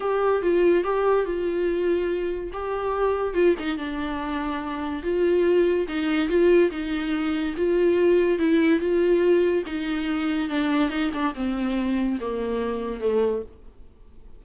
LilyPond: \new Staff \with { instrumentName = "viola" } { \time 4/4 \tempo 4 = 143 g'4 f'4 g'4 f'4~ | f'2 g'2 | f'8 dis'8 d'2. | f'2 dis'4 f'4 |
dis'2 f'2 | e'4 f'2 dis'4~ | dis'4 d'4 dis'8 d'8 c'4~ | c'4 ais2 a4 | }